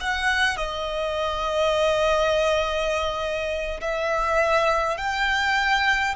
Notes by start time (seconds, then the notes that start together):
0.00 F#5
0.57 D#5
3.81 E5
4.97 G5